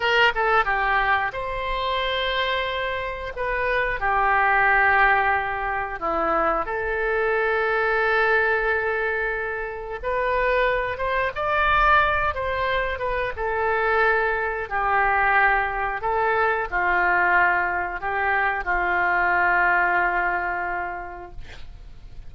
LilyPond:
\new Staff \with { instrumentName = "oboe" } { \time 4/4 \tempo 4 = 90 ais'8 a'8 g'4 c''2~ | c''4 b'4 g'2~ | g'4 e'4 a'2~ | a'2. b'4~ |
b'8 c''8 d''4. c''4 b'8 | a'2 g'2 | a'4 f'2 g'4 | f'1 | }